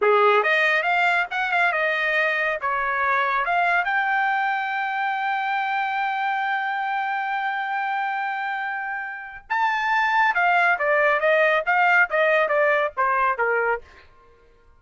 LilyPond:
\new Staff \with { instrumentName = "trumpet" } { \time 4/4 \tempo 4 = 139 gis'4 dis''4 f''4 fis''8 f''8 | dis''2 cis''2 | f''4 g''2.~ | g''1~ |
g''1~ | g''2 a''2 | f''4 d''4 dis''4 f''4 | dis''4 d''4 c''4 ais'4 | }